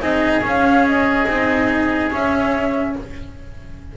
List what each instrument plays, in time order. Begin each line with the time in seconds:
0.00 double bass C4, cello D#4, oboe G#4, flute D#5
0.41 cello C#4, double bass C#4
0.48 flute F5
0.87 flute D#5
1.27 double bass C4, cello D#4
2.11 cello C#4, double bass C#4, flute E5